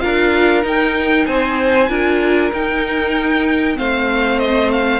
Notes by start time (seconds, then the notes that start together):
0.00 D4 F4 A#4 F5
0.63 D#4 G5
1.26 C4 C5 G#5
1.89 D4 F4 A#4
2.53 D#4 G5
3.74 A3 C4 C5 F5
4.39 D#5
4.72 F5